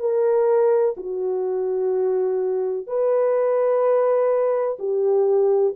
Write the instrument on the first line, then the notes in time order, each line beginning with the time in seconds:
horn
0.00 A#4
0.97 F#4
2.87 B4
4.80 G4